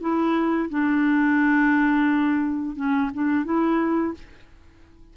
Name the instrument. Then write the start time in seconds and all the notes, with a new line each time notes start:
clarinet
0.00 E4
0.69 D4
2.76 C#4
3.13 D4
3.45 E4